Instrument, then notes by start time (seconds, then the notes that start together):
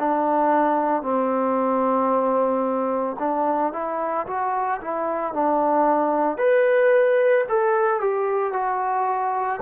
trombone
0.00 D4
1.03 C4
3.19 D4
3.74 E4
4.27 F#4
4.82 E4
5.34 D4
6.38 B4
7.50 A4
8.01 G4
8.53 F#4